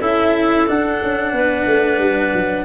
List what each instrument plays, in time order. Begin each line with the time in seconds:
0.00 tuba C#4, cello E4, clarinet A4 E5
0.67 cello D4, tuba D4, clarinet F#5
1.02 tuba C#4
1.32 tuba B3, clarinet B4
1.66 tuba A3
1.99 tuba G3
2.34 tuba F#3